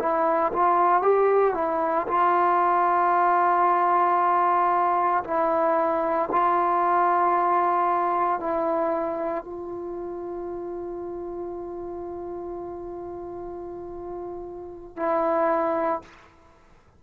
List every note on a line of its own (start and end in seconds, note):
0.00 0.53 E4
0.53 1.03 F4
1.03 1.55 G4
1.55 2.07 E4
2.08 5.24 F4
5.24 6.30 E4
6.32 8.41 F4
8.41 9.45 E4
9.45 14.97 F4
14.97 16.02 E4